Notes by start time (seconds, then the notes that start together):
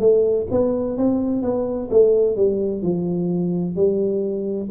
0.00 A3
0.52 B3
0.98 C4
1.43 B3
1.91 A3
2.37 G3
2.83 F3
3.76 G3